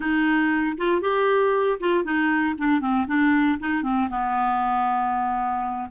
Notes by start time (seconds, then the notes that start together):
0.00 D#4
0.77 F4
1.01 G4
1.80 F4
2.04 D#4
2.58 D4
2.81 C4
3.07 D4
3.59 D#4
3.83 C4
4.09 B3